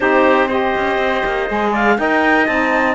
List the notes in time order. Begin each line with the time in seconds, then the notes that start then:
0.00 C4 D#4 G4 C5
0.47 G4 C5 D#5
0.75 C#4
0.97 C4
1.25 A#3
1.47 G#3 G#4
1.72 D5 F5
1.97 D#4 A#4 D#5 G5
2.46 C4 D#4 A5